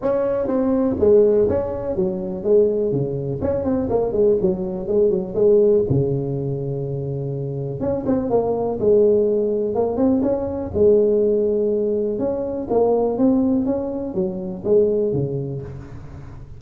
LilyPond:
\new Staff \with { instrumentName = "tuba" } { \time 4/4 \tempo 4 = 123 cis'4 c'4 gis4 cis'4 | fis4 gis4 cis4 cis'8 c'8 | ais8 gis8 fis4 gis8 fis8 gis4 | cis1 |
cis'8 c'8 ais4 gis2 | ais8 c'8 cis'4 gis2~ | gis4 cis'4 ais4 c'4 | cis'4 fis4 gis4 cis4 | }